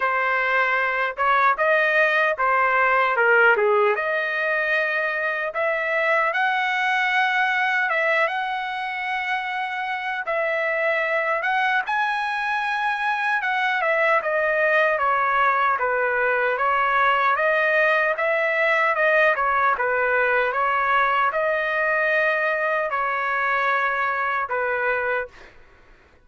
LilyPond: \new Staff \with { instrumentName = "trumpet" } { \time 4/4 \tempo 4 = 76 c''4. cis''8 dis''4 c''4 | ais'8 gis'8 dis''2 e''4 | fis''2 e''8 fis''4.~ | fis''4 e''4. fis''8 gis''4~ |
gis''4 fis''8 e''8 dis''4 cis''4 | b'4 cis''4 dis''4 e''4 | dis''8 cis''8 b'4 cis''4 dis''4~ | dis''4 cis''2 b'4 | }